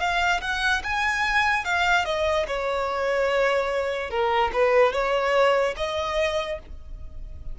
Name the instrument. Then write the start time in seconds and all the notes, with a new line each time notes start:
violin
0.00 F5
0.41 F#5
0.84 G#5
1.65 F5
2.05 D#5
2.48 C#5
4.11 A#4
4.53 B4
4.93 C#5
5.77 D#5